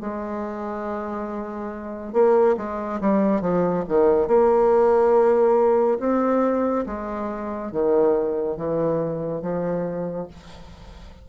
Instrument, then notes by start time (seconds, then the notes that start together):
bassoon
0.00 G#3
2.13 A#3
2.57 G#3
3.01 G3
3.41 F3
3.88 D#3
4.27 A#3
6.00 C4
6.86 G#3
7.72 D#3
8.56 E3
9.42 F3